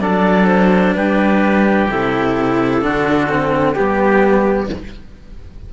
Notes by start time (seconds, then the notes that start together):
0.00 F#3 D4 A4 D5
0.47 C5
0.95 G3 G4 B4
1.90 C3 E4 A4
2.82 D3 D4 F#4
3.28 C4
3.73 B3 G4
3.79 G3